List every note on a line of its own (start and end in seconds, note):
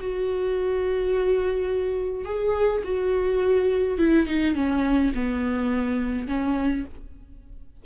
0.00 2.25 F#4
2.25 2.83 G#4
2.84 3.99 F#4
3.99 4.27 E4
4.28 4.55 D#4
4.55 5.12 C#4
5.15 6.28 B3
6.28 6.85 C#4